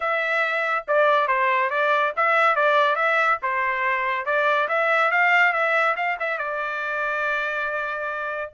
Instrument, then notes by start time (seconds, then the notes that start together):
trumpet
0.00 E5
0.87 D5
1.27 C5
1.70 D5
2.16 E5
2.55 D5
2.95 E5
3.42 C5
4.25 D5
4.68 E5
5.11 F5
5.52 E5
5.96 F5
6.19 E5
6.38 D5